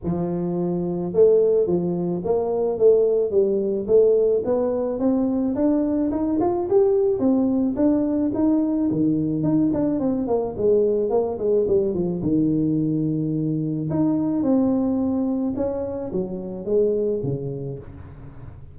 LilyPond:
\new Staff \with { instrumentName = "tuba" } { \time 4/4 \tempo 4 = 108 f2 a4 f4 | ais4 a4 g4 a4 | b4 c'4 d'4 dis'8 f'8 | g'4 c'4 d'4 dis'4 |
dis4 dis'8 d'8 c'8 ais8 gis4 | ais8 gis8 g8 f8 dis2~ | dis4 dis'4 c'2 | cis'4 fis4 gis4 cis4 | }